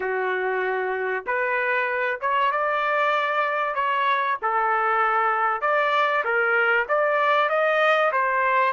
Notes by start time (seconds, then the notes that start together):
0.00 F#4
1.26 B4
2.20 C#5
2.51 D5
3.74 C#5
4.42 A4
5.61 D5
6.24 A#4
6.88 D5
7.49 D#5
8.12 C5